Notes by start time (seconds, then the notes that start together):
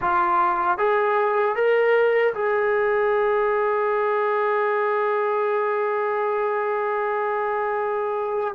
0.01 F4
0.78 G#4
1.55 A#4
2.33 G#4